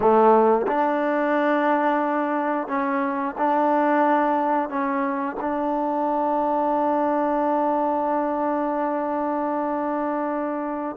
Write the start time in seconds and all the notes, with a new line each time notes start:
0.00 A3
0.67 D4
2.67 C#4
3.38 D4
4.69 C#4
5.40 D4